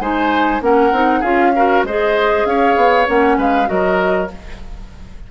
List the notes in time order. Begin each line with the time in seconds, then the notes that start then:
0.00 G#3 D#4 C5 G#5
0.61 A#3 C#4 A#4 F#5
0.92 C4 D#4
1.20 C#4 F4 G#4 F5
1.56 F#4 A#4
1.84 G#3 G#4 C5 D#5
2.45 C#4 C#5 F5
2.76 B3
3.07 A#3 C#4 F#5
3.38 G#3 B4 F5
3.66 F#3 F#4 A#4 D#5